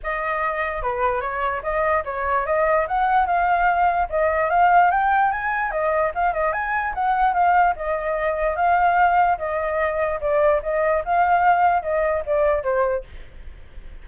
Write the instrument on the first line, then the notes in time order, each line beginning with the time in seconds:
flute
0.03 D#5
0.82 B4
1.20 C#5
1.62 D#5
2.05 C#5
2.46 D#5
2.87 F#5
3.26 F5
4.09 D#5
4.50 F5
4.90 G5
5.31 G#5
5.71 D#5
6.14 F5
6.33 D#5
6.52 G#5
6.94 F#5
7.33 F5
7.76 D#5
8.56 F5
9.37 D#5
10.20 D5
10.62 D#5
11.04 F5
11.82 D#5
12.26 D5
12.63 C5